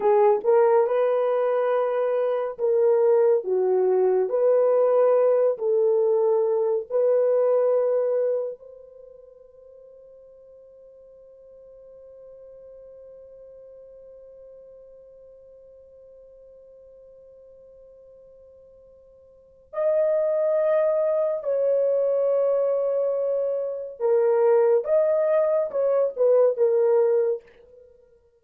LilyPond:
\new Staff \with { instrumentName = "horn" } { \time 4/4 \tempo 4 = 70 gis'8 ais'8 b'2 ais'4 | fis'4 b'4. a'4. | b'2 c''2~ | c''1~ |
c''1~ | c''2. dis''4~ | dis''4 cis''2. | ais'4 dis''4 cis''8 b'8 ais'4 | }